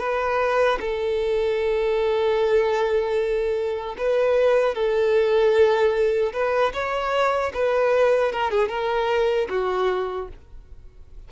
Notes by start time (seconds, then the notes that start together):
0.00 B4
0.80 A4
3.98 B4
4.75 A4
6.33 B4
6.74 C#5
7.54 B4
8.33 A#4
8.51 G#4
8.69 A#4
9.50 F#4